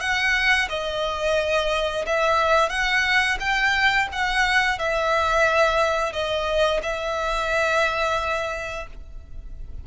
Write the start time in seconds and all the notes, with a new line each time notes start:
0.00 F#5
0.69 D#5
2.06 E5
2.69 F#5
3.40 G5
4.12 F#5
4.79 E5
6.12 D#5
6.82 E5